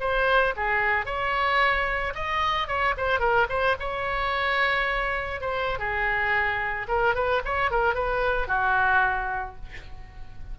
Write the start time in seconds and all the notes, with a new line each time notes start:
0.00 C5
0.56 G#4
1.05 C#5
2.15 D#5
2.67 C#5
2.97 C5
3.19 A#4
3.49 C5
3.79 C#5
5.41 C5
5.79 G#4
6.88 A#4
7.15 B4
7.45 C#5
7.71 A#4
7.94 B4
8.47 F#4